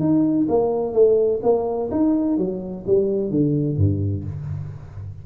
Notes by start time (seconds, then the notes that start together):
0.00 D#4
0.49 A#3
0.93 A3
1.43 A#3
1.91 D#4
2.38 F#3
2.87 G3
3.30 D3
3.77 G2